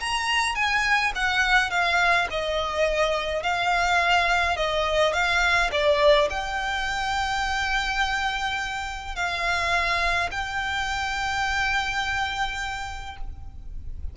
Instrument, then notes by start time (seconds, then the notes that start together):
violin
0.00 A#5
0.55 G#5
1.15 F#5
1.70 F5
2.31 D#5
3.43 F5
4.57 D#5
5.13 F5
5.72 D5
6.30 G5
9.16 F5
10.31 G5